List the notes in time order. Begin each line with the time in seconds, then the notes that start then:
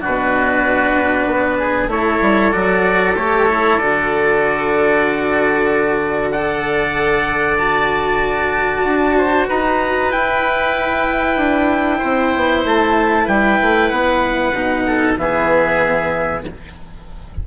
0.00 B2 D4 F#4 B4
1.27 B3
1.58 G#4
1.87 A3 E4 A4 C#5
2.21 G3
2.51 F#3 F#4 D5
3.16 A3 G4 C#5
3.48 E4
3.78 D3 F#4 D5
6.31 A4 D5 F#5
7.58 F#4 A5
8.84 D4
9.17 C5
9.48 D#4 B4 A#5
10.10 E4 G5
11.36 D4
11.98 C4 C5
12.35 B3
12.64 A3 A5
13.25 G3 B4 G5
13.61 A3
13.89 B3 F#5
14.53 B2 D#4
14.86 A4
15.17 E3 B3 G#4 E5